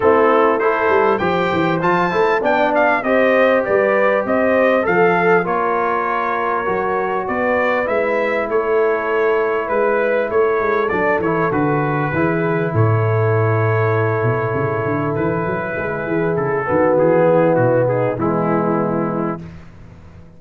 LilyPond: <<
  \new Staff \with { instrumentName = "trumpet" } { \time 4/4 \tempo 4 = 99 a'4 c''4 g''4 a''4 | g''8 f''8 dis''4 d''4 dis''4 | f''4 cis''2. | d''4 e''4 cis''2 |
b'4 cis''4 d''8 cis''8 b'4~ | b'4 cis''2.~ | cis''4 b'2 a'4 | gis'4 fis'8 gis'8 e'2 | }
  \new Staff \with { instrumentName = "horn" } { \time 4/4 e'4 a'4 c''2 | d''4 c''4 b'4 c''4 | a'4 ais'2. | b'2 a'2 |
b'4 a'2. | gis'4 a'2.~ | a'2 gis'4. fis'8~ | fis'8 e'4 dis'8 b2 | }
  \new Staff \with { instrumentName = "trombone" } { \time 4/4 c'4 e'4 g'4 f'8 e'8 | d'4 g'2. | a'4 f'2 fis'4~ | fis'4 e'2.~ |
e'2 d'8 e'8 fis'4 | e'1~ | e'2.~ e'8 b8~ | b2 gis2 | }
  \new Staff \with { instrumentName = "tuba" } { \time 4/4 a4. g8 f8 e8 f8 a8 | b4 c'4 g4 c'4 | f4 ais2 fis4 | b4 gis4 a2 |
gis4 a8 gis8 fis8 e8 d4 | e4 a,2~ a,8 b,8 | cis8 d8 e8 fis8 gis8 e8 cis8 dis8 | e4 b,4 e2 | }
>>